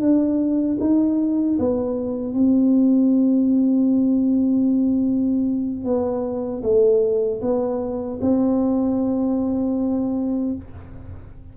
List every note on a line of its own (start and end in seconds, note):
0.00 0.78 D4
0.80 1.58 D#4
1.59 2.34 B3
2.34 5.84 C4
5.84 6.62 B3
6.63 7.41 A3
7.41 8.19 B3
8.21 10.55 C4